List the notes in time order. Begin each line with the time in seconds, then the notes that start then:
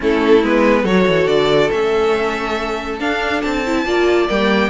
0.00 A3 C#4 E4 A4
0.43 G#3 B3 B4
0.82 F#3 F#4 A4 C#5
1.07 E3
1.26 D3 D5
1.70 A3 C#4 E5
2.99 D4 F5
3.41 C4 A5
3.66 E4
3.85 A#3 F4 D5
4.28 G3 A#3 G5